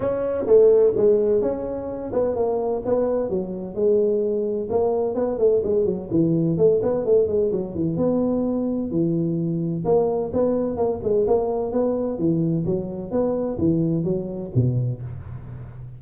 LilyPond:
\new Staff \with { instrumentName = "tuba" } { \time 4/4 \tempo 4 = 128 cis'4 a4 gis4 cis'4~ | cis'8 b8 ais4 b4 fis4 | gis2 ais4 b8 a8 | gis8 fis8 e4 a8 b8 a8 gis8 |
fis8 e8 b2 e4~ | e4 ais4 b4 ais8 gis8 | ais4 b4 e4 fis4 | b4 e4 fis4 b,4 | }